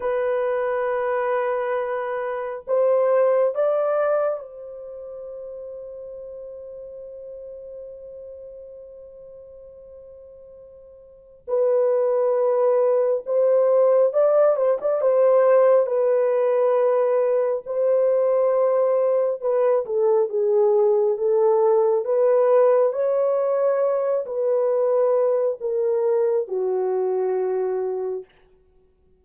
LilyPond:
\new Staff \with { instrumentName = "horn" } { \time 4/4 \tempo 4 = 68 b'2. c''4 | d''4 c''2.~ | c''1~ | c''4 b'2 c''4 |
d''8 c''16 d''16 c''4 b'2 | c''2 b'8 a'8 gis'4 | a'4 b'4 cis''4. b'8~ | b'4 ais'4 fis'2 | }